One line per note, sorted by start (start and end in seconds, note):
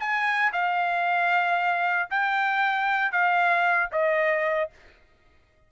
0.00 0.52 G#5
0.53 2.09 F5
2.11 3.12 G5
3.12 3.90 F5
3.92 4.71 D#5